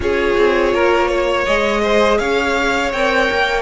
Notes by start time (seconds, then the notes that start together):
0.00 C#4 F4 G#4 C#5
0.37 C4
0.73 A#3 A#4
1.08 C#5
1.45 G#3 G#4 D#5
1.82 C5
2.18 C#4 C#5 F5
2.92 C4 A#4 G5
3.31 A#3